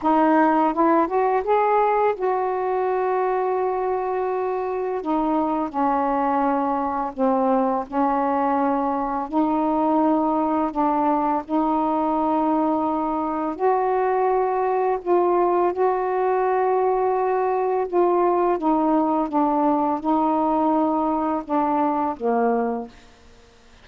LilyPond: \new Staff \with { instrumentName = "saxophone" } { \time 4/4 \tempo 4 = 84 dis'4 e'8 fis'8 gis'4 fis'4~ | fis'2. dis'4 | cis'2 c'4 cis'4~ | cis'4 dis'2 d'4 |
dis'2. fis'4~ | fis'4 f'4 fis'2~ | fis'4 f'4 dis'4 d'4 | dis'2 d'4 ais4 | }